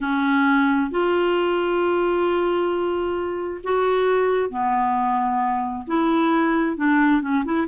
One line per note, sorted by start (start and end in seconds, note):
0.00 0.90 C#4
0.90 3.61 F4
3.63 4.49 F#4
4.49 5.85 B3
5.87 6.76 E4
6.76 7.21 D4
7.21 7.44 C#4
7.44 7.67 E4